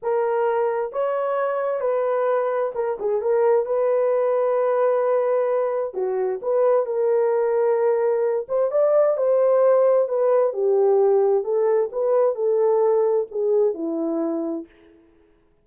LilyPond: \new Staff \with { instrumentName = "horn" } { \time 4/4 \tempo 4 = 131 ais'2 cis''2 | b'2 ais'8 gis'8 ais'4 | b'1~ | b'4 fis'4 b'4 ais'4~ |
ais'2~ ais'8 c''8 d''4 | c''2 b'4 g'4~ | g'4 a'4 b'4 a'4~ | a'4 gis'4 e'2 | }